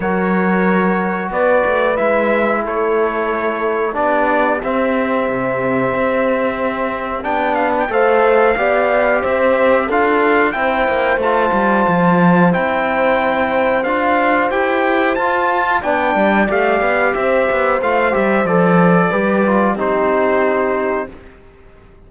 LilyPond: <<
  \new Staff \with { instrumentName = "trumpet" } { \time 4/4 \tempo 4 = 91 cis''2 d''4 e''4 | cis''2 d''4 e''4~ | e''2. g''8 f''16 g''16 | f''2 e''4 f''4 |
g''4 a''2 g''4~ | g''4 f''4 g''4 a''4 | g''4 f''4 e''4 f''8 e''8 | d''2 c''2 | }
  \new Staff \with { instrumentName = "horn" } { \time 4/4 ais'2 b'2 | a'2 g'2~ | g'1 | c''4 d''4 c''4 a'4 |
c''1~ | c''1 | d''2 c''2~ | c''4 b'4 g'2 | }
  \new Staff \with { instrumentName = "trombone" } { \time 4/4 fis'2. e'4~ | e'2 d'4 c'4~ | c'2. d'4 | a'4 g'2 f'4 |
e'4 f'2 e'4~ | e'4 f'4 g'4 f'4 | d'4 g'2 f'8 g'8 | a'4 g'8 f'8 dis'2 | }
  \new Staff \with { instrumentName = "cello" } { \time 4/4 fis2 b8 a8 gis4 | a2 b4 c'4 | c4 c'2 b4 | a4 b4 c'4 d'4 |
c'8 ais8 a8 g8 f4 c'4~ | c'4 d'4 e'4 f'4 | b8 g8 a8 b8 c'8 b8 a8 g8 | f4 g4 c'2 | }
>>